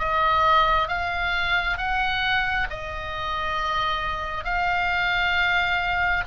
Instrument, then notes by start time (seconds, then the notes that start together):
oboe
0.00 D#5
0.88 F5
1.78 F#5
2.70 D#5
4.45 F5